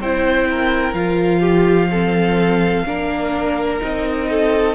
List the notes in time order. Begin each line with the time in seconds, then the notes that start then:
0.00 C4 E4 C5 G5
0.51 A#4
0.94 F3 F4 F5
1.40 G4
1.91 C4 A4
2.86 A#3 D4 A#4
3.80 C4 D#4 D#5
4.30 A4